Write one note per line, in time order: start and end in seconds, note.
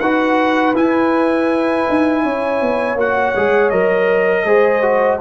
0.00 0.74 D#4
0.00 0.75 F#4
0.00 2.23 B4
0.00 0.75 F#5
0.75 1.86 E4
0.75 2.98 E4
0.75 2.99 G#5
1.90 2.25 D#4
2.23 2.61 C#4
2.23 4.46 C#5
2.61 2.96 B3
2.96 3.33 A#3
2.96 3.35 F#4
2.96 3.70 F#5
3.36 3.72 G#3
3.36 3.73 G#4
3.70 4.45 F#3
3.70 4.46 A#4
3.70 5.18 D#5
4.45 5.19 G#3
4.45 4.82 G#4
4.45 5.20 C5
4.82 5.19 F#4